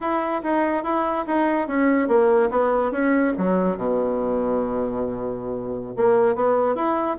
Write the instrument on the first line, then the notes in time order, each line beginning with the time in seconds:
bassoon
0.01 E4
0.42 D#4
0.83 E4
1.27 D#4
1.67 C#4
2.08 A#3
2.50 B3
2.91 C#4
3.37 F#3
3.76 B2
5.96 A#3
6.35 B3
6.75 E4